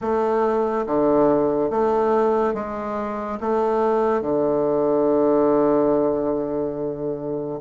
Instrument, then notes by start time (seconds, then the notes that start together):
bassoon
0.01 A3
0.86 D3
1.70 A3
2.54 G#3
3.40 A3
4.21 D3